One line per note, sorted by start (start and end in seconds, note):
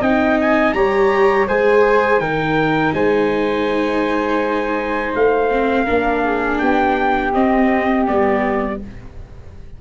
0.00 0.73 C4
0.00 0.75 D#4
0.00 0.74 D#5
0.00 0.38 G5
0.41 0.73 G#5
0.73 1.46 G3
0.73 1.48 G4
0.73 1.48 C#5
0.73 1.46 A#5
1.48 2.18 G#3
1.48 2.20 G#4
1.48 2.21 C5
1.48 2.20 G#5
2.18 2.91 D#3
2.18 5.49 D#4
2.18 2.94 A#4
2.18 2.93 G5
2.94 5.13 G#3
2.94 5.84 C5
2.94 5.13 G#5
5.15 5.88 A3
5.15 6.59 F5
5.51 5.86 C4
5.84 6.62 A#3
5.84 7.32 D4
5.84 6.21 A#4
6.24 6.60 G#4
6.59 7.35 B3
6.59 8.80 G4
6.59 7.32 G5
7.33 8.06 C4
7.33 8.08 C4
7.33 8.07 D#5
8.06 8.81 G3
8.06 8.79 B3
8.06 8.80 D5